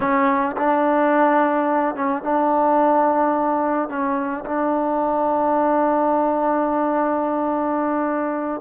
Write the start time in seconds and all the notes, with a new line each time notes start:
0.00 C#4
0.57 D4
1.95 C#4
2.22 D4
3.89 C#4
4.45 D4